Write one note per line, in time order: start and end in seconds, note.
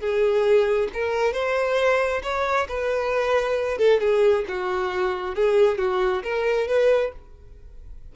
0.00 0.89 G#4
0.94 1.33 A#4
1.33 2.22 C5
2.23 2.67 C#5
2.69 3.78 B4
3.78 4.00 A4
4.01 4.45 G#4
4.48 5.35 F#4
5.35 5.78 G#4
5.78 6.23 F#4
6.23 6.68 A#4
6.68 7.12 B4